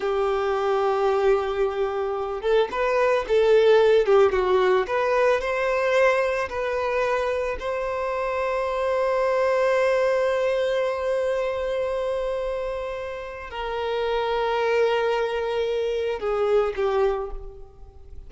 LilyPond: \new Staff \with { instrumentName = "violin" } { \time 4/4 \tempo 4 = 111 g'1~ | g'8 a'8 b'4 a'4. g'8 | fis'4 b'4 c''2 | b'2 c''2~ |
c''1~ | c''1~ | c''4 ais'2.~ | ais'2 gis'4 g'4 | }